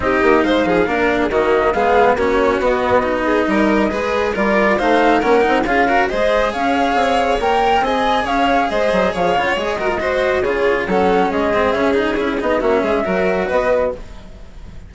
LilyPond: <<
  \new Staff \with { instrumentName = "flute" } { \time 4/4 \tempo 4 = 138 dis''4 f''2 dis''4 | f''4 cis''4 dis''2~ | dis''2 d''4 f''4 | fis''4 f''4 dis''4 f''4~ |
f''4 g''4 gis''4 f''4 | dis''4 f''8. fis''16 dis''2 | cis''4 fis''4 dis''4 e''8 dis''8 | cis''8 dis''8 e''2 dis''4 | }
  \new Staff \with { instrumentName = "violin" } { \time 4/4 g'4 c''8 gis'8 ais'8. gis'16 fis'4 | gis'4 fis'2~ fis'8 gis'8 | ais'4 b'4 ais'4 c''4 | ais'4 gis'8 ais'8 c''4 cis''4~ |
cis''2 dis''4 cis''4 | c''4 cis''4. ais'8 c''4 | gis'4 a'4 gis'2~ | gis'4 fis'8 gis'8 ais'4 b'4 | }
  \new Staff \with { instrumentName = "cello" } { \time 4/4 dis'2 d'4 ais4 | b4 cis'4 b4 dis'4~ | dis'4 gis'4 f'4 dis'4 | cis'8 dis'8 f'8 fis'8 gis'2~ |
gis'4 ais'4 gis'2~ | gis'4. f'8 gis'8 fis'16 f'16 fis'4 | f'4 cis'4. c'8 cis'8 dis'8 | e'8 dis'8 cis'4 fis'2 | }
  \new Staff \with { instrumentName = "bassoon" } { \time 4/4 c'8 ais8 gis8 f8 ais4 dis4 | gis4 ais4 b2 | g4 gis4 g4 a4 | ais8 c'8 cis'4 gis4 cis'4 |
c'4 ais4 c'4 cis'4 | gis8 fis8 f8 cis8 gis2 | cis4 fis4 gis4 cis4 | cis'8 b8 ais8 gis8 fis4 b4 | }
>>